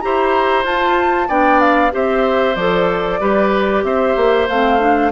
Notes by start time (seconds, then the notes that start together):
0.00 E4 G4 C5 A#5
0.64 F4 A5
1.28 B3 D4 D5 G5
1.60 F5
1.91 C4 G4 C5 E5
2.55 F3 A4 D5
3.20 G3 G4 B4
3.83 C4 C5 E5
4.16 A#3
4.48 A3 C4 F5
4.79 D4